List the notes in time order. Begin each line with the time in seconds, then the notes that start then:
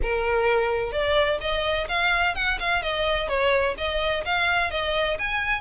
0.02 A#4
0.91 D5
1.40 D#5
1.88 F5
2.35 F#5
2.59 F5
2.82 D#5
3.28 C#5
3.77 D#5
4.25 F5
4.70 D#5
5.18 G#5